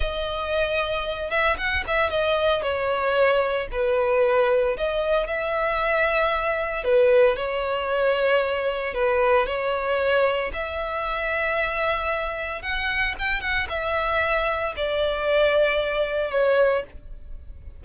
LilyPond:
\new Staff \with { instrumentName = "violin" } { \time 4/4 \tempo 4 = 114 dis''2~ dis''8 e''8 fis''8 e''8 | dis''4 cis''2 b'4~ | b'4 dis''4 e''2~ | e''4 b'4 cis''2~ |
cis''4 b'4 cis''2 | e''1 | fis''4 g''8 fis''8 e''2 | d''2. cis''4 | }